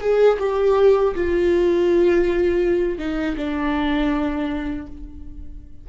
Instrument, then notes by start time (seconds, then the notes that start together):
viola
0.00 G#4
0.39 G4
1.15 F4
2.98 D#4
3.37 D4